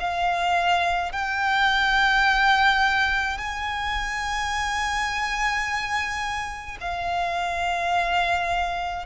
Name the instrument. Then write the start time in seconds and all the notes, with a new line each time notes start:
violin
0.00 F5
1.12 G5
3.38 G#5
6.81 F5